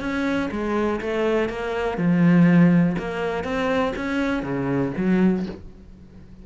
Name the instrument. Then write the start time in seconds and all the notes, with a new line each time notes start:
cello
0.00 C#4
0.51 G#3
1.00 A3
1.49 A#3
1.97 F3
2.98 A#3
3.44 C4
3.96 C#4
4.42 C#3
4.96 F#3